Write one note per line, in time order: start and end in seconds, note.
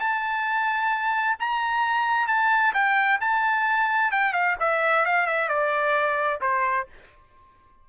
0.00 1.37 A5
1.40 2.28 A#5
2.28 2.74 A5
2.74 3.20 G5
3.21 4.12 A5
4.12 4.33 G5
4.33 4.56 F5
4.60 5.06 E5
5.06 5.27 F5
5.27 5.49 E5
5.49 6.41 D5
6.41 6.87 C5